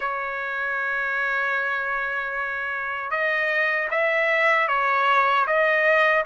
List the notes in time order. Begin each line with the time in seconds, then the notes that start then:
0.00 C#5
3.10 D#5
3.90 E5
4.68 C#5
5.46 D#5